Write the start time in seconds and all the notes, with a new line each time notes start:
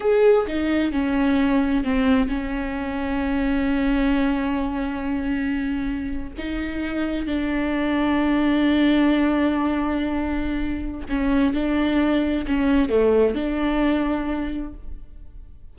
0.00 G#4
0.46 D#4
0.92 C#4
1.84 C4
2.28 C#4
6.37 D#4
7.26 D4
11.08 C#4
11.53 D4
12.46 C#4
12.89 A3
13.34 D4